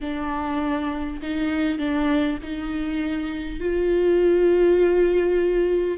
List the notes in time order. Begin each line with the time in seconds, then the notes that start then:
0.00 D4
1.22 D#4
1.78 D4
2.43 D#4
3.59 F4